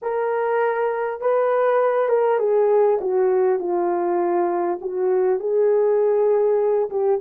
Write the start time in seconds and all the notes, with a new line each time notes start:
0.02 A#4
1.21 B4
2.08 A#4
2.38 G#4
3.00 F#4
3.59 F4
4.81 F#4
5.39 G#4
6.90 G4